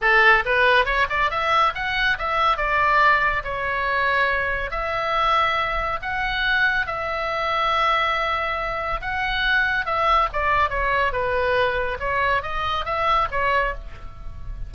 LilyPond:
\new Staff \with { instrumentName = "oboe" } { \time 4/4 \tempo 4 = 140 a'4 b'4 cis''8 d''8 e''4 | fis''4 e''4 d''2 | cis''2. e''4~ | e''2 fis''2 |
e''1~ | e''4 fis''2 e''4 | d''4 cis''4 b'2 | cis''4 dis''4 e''4 cis''4 | }